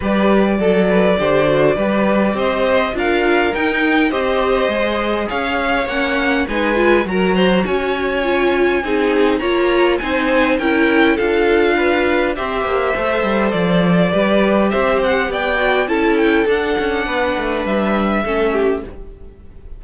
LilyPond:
<<
  \new Staff \with { instrumentName = "violin" } { \time 4/4 \tempo 4 = 102 d''1 | dis''4 f''4 g''4 dis''4~ | dis''4 f''4 fis''4 gis''4 | ais''4 gis''2. |
ais''4 gis''4 g''4 f''4~ | f''4 e''2 d''4~ | d''4 e''8 fis''8 g''4 a''8 g''8 | fis''2 e''2 | }
  \new Staff \with { instrumentName = "violin" } { \time 4/4 b'4 a'8 b'8 c''4 b'4 | c''4 ais'2 c''4~ | c''4 cis''2 b'4 | ais'8 c''8 cis''2 gis'4 |
cis''4 c''4 ais'4 a'4 | b'4 c''2. | b'4 c''4 d''4 a'4~ | a'4 b'2 a'8 g'8 | }
  \new Staff \with { instrumentName = "viola" } { \time 4/4 g'4 a'4 g'8 fis'8 g'4~ | g'4 f'4 dis'4 g'4 | gis'2 cis'4 dis'8 f'8 | fis'2 f'4 dis'4 |
f'4 dis'4 e'4 f'4~ | f'4 g'4 a'2 | g'2~ g'8 fis'8 e'4 | d'2. cis'4 | }
  \new Staff \with { instrumentName = "cello" } { \time 4/4 g4 fis4 d4 g4 | c'4 d'4 dis'4 c'4 | gis4 cis'4 ais4 gis4 | fis4 cis'2 c'4 |
ais4 c'4 cis'4 d'4~ | d'4 c'8 ais8 a8 g8 f4 | g4 c'4 b4 cis'4 | d'8 cis'8 b8 a8 g4 a4 | }
>>